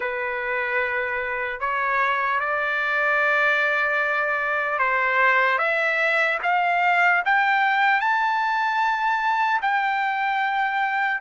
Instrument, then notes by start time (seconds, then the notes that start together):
trumpet
0.00 B4
1.60 C#5
2.40 D5
4.79 C5
5.58 E5
6.42 F5
7.25 G5
8.00 A5
9.61 G5